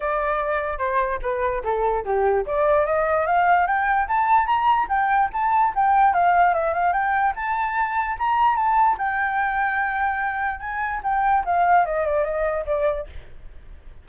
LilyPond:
\new Staff \with { instrumentName = "flute" } { \time 4/4 \tempo 4 = 147 d''2 c''4 b'4 | a'4 g'4 d''4 dis''4 | f''4 g''4 a''4 ais''4 | g''4 a''4 g''4 f''4 |
e''8 f''8 g''4 a''2 | ais''4 a''4 g''2~ | g''2 gis''4 g''4 | f''4 dis''8 d''8 dis''4 d''4 | }